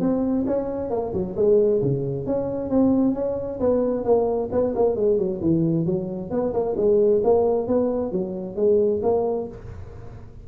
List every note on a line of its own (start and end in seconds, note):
0.00 0.45 C4
0.46 0.90 C#4
0.90 1.13 A#3
1.13 1.35 F#3
1.36 1.81 G#3
1.82 2.26 C#3
2.26 2.70 C#4
2.70 3.14 C4
3.14 3.59 C#4
3.60 4.04 B3
4.04 4.49 A#3
4.52 4.74 B3
4.75 4.96 A#3
4.96 5.18 G#3
5.18 5.41 F#3
5.41 5.86 E3
5.86 6.30 F#3
6.30 6.53 B3
6.53 6.76 A#3
6.77 7.22 G#3
7.24 7.67 A#3
7.67 8.12 B3
8.12 8.56 F#3
8.56 9.01 G#3
9.03 9.48 A#3